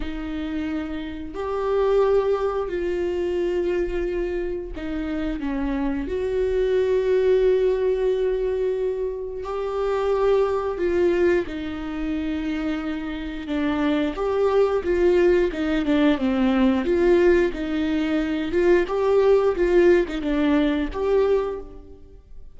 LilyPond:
\new Staff \with { instrumentName = "viola" } { \time 4/4 \tempo 4 = 89 dis'2 g'2 | f'2. dis'4 | cis'4 fis'2.~ | fis'2 g'2 |
f'4 dis'2. | d'4 g'4 f'4 dis'8 d'8 | c'4 f'4 dis'4. f'8 | g'4 f'8. dis'16 d'4 g'4 | }